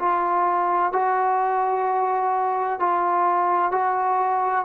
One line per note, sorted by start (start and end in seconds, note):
0.00 0.93 F4
0.93 2.80 F#4
2.80 3.72 F4
3.72 4.66 F#4